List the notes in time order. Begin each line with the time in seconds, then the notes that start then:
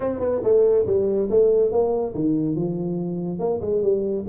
0.00 C4
0.19 B3
0.43 A3
0.86 G3
1.29 A3
1.71 A#3
2.14 D#3
2.55 F3
3.39 A#3
3.61 G#3
3.82 G3